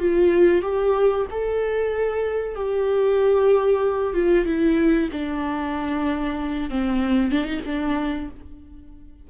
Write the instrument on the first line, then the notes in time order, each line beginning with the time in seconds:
viola
0.00 F4
0.63 G4
1.31 A4
2.56 G4
4.14 F4
4.46 E4
5.13 D4
6.71 C4
7.32 D4
7.45 D#4
7.66 D4